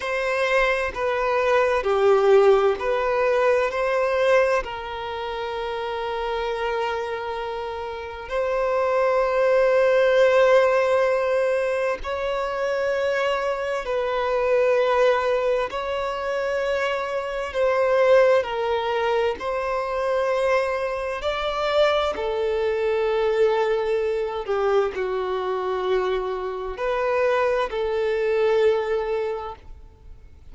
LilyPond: \new Staff \with { instrumentName = "violin" } { \time 4/4 \tempo 4 = 65 c''4 b'4 g'4 b'4 | c''4 ais'2.~ | ais'4 c''2.~ | c''4 cis''2 b'4~ |
b'4 cis''2 c''4 | ais'4 c''2 d''4 | a'2~ a'8 g'8 fis'4~ | fis'4 b'4 a'2 | }